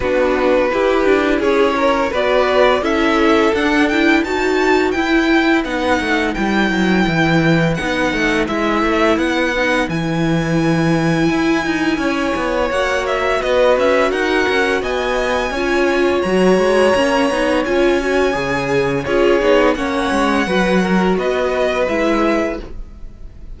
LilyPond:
<<
  \new Staff \with { instrumentName = "violin" } { \time 4/4 \tempo 4 = 85 b'2 cis''4 d''4 | e''4 fis''8 g''8 a''4 g''4 | fis''4 g''2 fis''4 | e''4 fis''4 gis''2~ |
gis''2 fis''8 e''8 dis''8 e''8 | fis''4 gis''2 ais''4~ | ais''4 gis''2 cis''4 | fis''2 dis''4 e''4 | }
  \new Staff \with { instrumentName = "violin" } { \time 4/4 fis'4 g'4 gis'8 ais'8 b'4 | a'2 b'2~ | b'1~ | b'1~ |
b'4 cis''2 b'4 | ais'4 dis''4 cis''2~ | cis''2. gis'4 | cis''4 b'8 ais'8 b'2 | }
  \new Staff \with { instrumentName = "viola" } { \time 4/4 d'4 e'2 fis'4 | e'4 d'8 e'8 fis'4 e'4 | dis'4 e'2 dis'4 | e'4. dis'8 e'2~ |
e'2 fis'2~ | fis'2 f'4 fis'4 | cis'8 dis'8 f'8 fis'8 gis'4 f'8 dis'8 | cis'4 fis'2 e'4 | }
  \new Staff \with { instrumentName = "cello" } { \time 4/4 b4 e'8 d'8 cis'4 b4 | cis'4 d'4 dis'4 e'4 | b8 a8 g8 fis8 e4 b8 a8 | gis8 a8 b4 e2 |
e'8 dis'8 cis'8 b8 ais4 b8 cis'8 | dis'8 cis'8 b4 cis'4 fis8 gis8 | ais8 b8 cis'4 cis4 cis'8 b8 | ais8 gis8 fis4 b4 gis4 | }
>>